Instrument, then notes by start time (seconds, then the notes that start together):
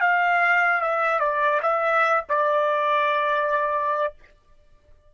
trumpet
0.00 F5
0.81 E5
1.19 D5
1.62 E5
2.28 D5